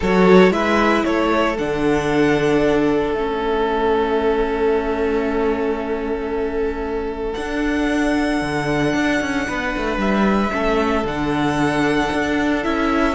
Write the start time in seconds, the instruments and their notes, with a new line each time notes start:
0.00 cello F#3, viola F#4, violin A4 C#5
0.50 cello G#3, viola E4, violin B4 E5
1.04 cello A3, violin A4 C#5
1.58 cello D3, viola D4, violin F#5
3.13 cello A3, viola C#4, violin E5
7.34 cello D4, viola D4, violin F#5
8.41 cello D3
8.94 cello D4
9.20 cello C#4
9.47 cello B3, violin B4
9.77 cello A3
9.97 cello G3, violin E5
10.51 cello A3, viola C#4, violin A4
11.04 cello D3, viola D4, violin F#5
12.12 cello D4
12.63 cello C#4, viola E4, violin E5